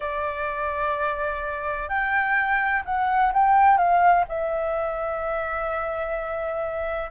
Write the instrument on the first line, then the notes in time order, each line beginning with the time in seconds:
flute
0.00 D5
1.88 G5
2.85 F#5
3.33 G5
3.77 F5
4.28 E5